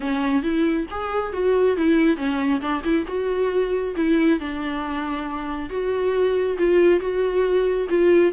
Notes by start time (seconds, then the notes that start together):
0.00 C#4
0.42 E4
0.90 G#4
1.33 F#4
1.76 E4
2.16 C#4
2.60 D4
2.83 E4
3.07 F#4
3.96 E4
4.39 D4
5.69 F#4
6.58 F4
7.00 F#4
7.89 F4